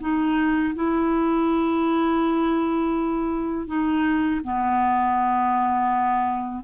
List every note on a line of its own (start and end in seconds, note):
0.00 0.74 D#4
0.74 3.67 E4
3.67 4.41 D#4
4.43 6.64 B3